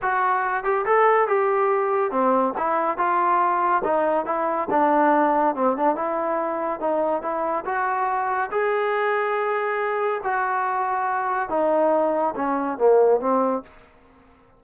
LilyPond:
\new Staff \with { instrumentName = "trombone" } { \time 4/4 \tempo 4 = 141 fis'4. g'8 a'4 g'4~ | g'4 c'4 e'4 f'4~ | f'4 dis'4 e'4 d'4~ | d'4 c'8 d'8 e'2 |
dis'4 e'4 fis'2 | gis'1 | fis'2. dis'4~ | dis'4 cis'4 ais4 c'4 | }